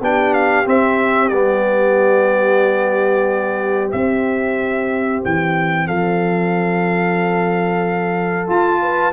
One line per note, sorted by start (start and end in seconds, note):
0.00 0.65 B3
0.00 0.65 D4
0.00 5.86 G4
0.00 0.33 G5
0.33 0.66 F5
0.65 1.30 C4
0.65 1.31 C4
0.65 1.28 E5
1.28 3.92 G3
1.28 3.91 B3
1.28 3.89 D5
3.91 8.46 C4
3.91 5.23 C4
3.91 5.22 E5
5.24 5.88 E3
5.24 5.87 G5
5.86 8.49 F3
5.86 8.80 A4
5.86 8.48 F5
8.46 9.12 F4
8.46 9.12 A5
8.82 9.12 B4